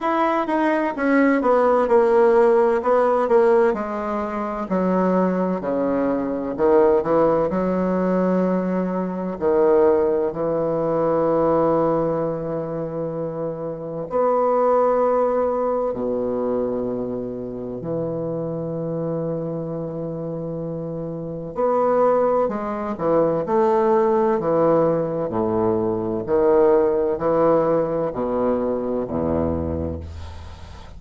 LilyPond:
\new Staff \with { instrumentName = "bassoon" } { \time 4/4 \tempo 4 = 64 e'8 dis'8 cis'8 b8 ais4 b8 ais8 | gis4 fis4 cis4 dis8 e8 | fis2 dis4 e4~ | e2. b4~ |
b4 b,2 e4~ | e2. b4 | gis8 e8 a4 e4 a,4 | dis4 e4 b,4 e,4 | }